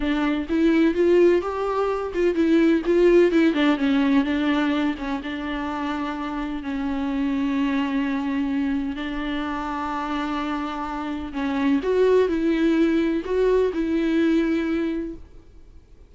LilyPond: \new Staff \with { instrumentName = "viola" } { \time 4/4 \tempo 4 = 127 d'4 e'4 f'4 g'4~ | g'8 f'8 e'4 f'4 e'8 d'8 | cis'4 d'4. cis'8 d'4~ | d'2 cis'2~ |
cis'2. d'4~ | d'1 | cis'4 fis'4 e'2 | fis'4 e'2. | }